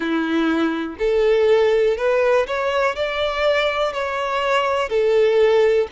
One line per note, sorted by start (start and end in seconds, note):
0.00 0.96 E4
0.98 1.97 A4
1.97 2.46 B4
2.46 2.95 C#5
2.95 3.93 D5
3.93 4.89 C#5
4.89 5.87 A4